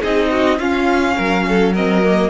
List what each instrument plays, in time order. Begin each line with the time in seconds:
0.00 cello C4, viola D#4, violin G#4 D#5
0.30 violin F#4
0.58 cello C#4, viola C#4, violin F4 F5
1.17 cello F#3, violin A#4
1.48 violin A4
1.72 viola C4, violin A#4 D#5
2.03 viola A#3